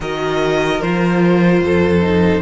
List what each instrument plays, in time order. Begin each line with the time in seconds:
0.00 cello D#3, viola F#4, violin A#4 D#5
0.81 cello F3, viola F4, violin C5
1.60 cello F2, violin A4
2.01 viola D#4